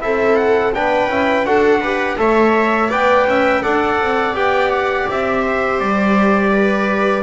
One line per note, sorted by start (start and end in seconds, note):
0.00 0.74 C4
0.00 0.72 E4
0.00 0.75 A4
0.00 0.36 E5
0.36 0.72 F#5
0.74 1.07 B3
0.74 1.10 D4
0.74 1.47 B4
0.74 1.45 G5
1.07 1.43 C#4
1.07 1.45 E4
1.44 2.16 D4
1.44 1.81 F#4
1.44 1.80 A4
1.44 2.18 F#5
1.80 2.17 G4
1.80 2.16 B4
2.17 2.90 A3
2.17 2.89 A4
2.17 2.88 C#5
2.17 2.91 E5
2.88 3.25 B3
2.88 3.62 B4
2.88 3.25 D5
2.88 3.62 G5
3.25 3.61 C#4
3.25 3.62 E5
3.62 4.00 D4
3.62 4.34 A4
3.62 5.42 D5
3.62 4.34 F#5
4.00 4.34 C4
4.34 5.06 B3
4.34 7.23 G4
4.34 4.71 G5
4.71 5.07 F#5
5.09 5.80 C4
5.09 5.80 E5
5.42 6.50 C5
5.80 7.23 G3
5.80 7.23 D5
6.51 7.23 B4